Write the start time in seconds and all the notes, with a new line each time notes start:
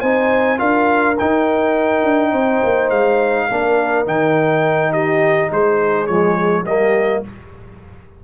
0.00 C4 D#4 C5 G#5
0.57 D4 F4 A#4 F5
1.19 D#4 G5
2.04 D4
2.31 C4 C5
2.64 A#3
2.90 G#3 F5
3.48 A#3 D4 A#4
4.06 D#3 D#4 G5
4.92 G4 D#5
5.51 G#3 G#4 C5
6.07 F3 G#3 C#5
6.63 G3 A#3 G4 D#5